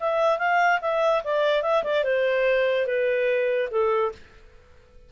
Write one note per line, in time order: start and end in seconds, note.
0.00 0.38 E5
0.38 0.80 F5
0.81 1.23 E5
1.24 1.62 D5
1.62 1.83 E5
1.84 2.04 D5
2.04 2.86 C5
2.86 3.69 B4
3.71 4.12 A4